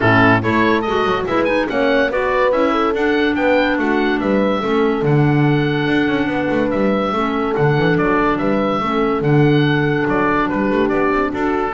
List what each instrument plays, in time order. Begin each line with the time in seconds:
0.00 double bass A2, clarinet C#4, horn E4, oboe A4
0.40 double bass A3, clarinet E4, horn A4, oboe C#5
0.81 double bass G#3, clarinet F#4, oboe D#5
1.03 double bass F#3
1.25 double bass G#3, clarinet E4, horn B4, oboe E5
1.44 clarinet D#4, oboe G#5
1.67 double bass A#3, clarinet C#4, horn C#5, oboe F#5
2.10 double bass B3, clarinet F#4, horn B4, oboe D5
2.51 double bass C#4, clarinet E4, oboe E5
2.71 horn A4
2.93 double bass D4, clarinet D4, oboe F#5
3.35 double bass B3, horn B4, oboe G5
3.78 double bass A3, horn F#4, oboe F#5
4.20 double bass G3, horn B4, oboe E5
4.60 double bass A3, clarinet C#4, horn A4
5.02 double bass D3, clarinet D4, oboe F#5
5.87 double bass D4
6.08 double bass C#4
6.27 double bass B3, horn B4
6.50 double bass A3
6.70 double bass G3, oboe E5
7.12 double bass A3, clarinet C#4, horn A4
7.55 double bass D3, clarinet D4, oboe F#5
7.77 double bass E3
7.97 double bass F#3, oboe D5
8.38 double bass G3, horn B4, oboe E5
8.80 double bass A3, clarinet C#4, horn A4
9.21 double bass D3, clarinet D4, oboe F#5
10.07 double bass F#3, oboe D5
10.49 double bass G3, horn G4, oboe B4
10.70 double bass A3
10.89 double bass B3, oboe D5
11.10 double bass C4
11.31 double bass D4, horn F#4, oboe A4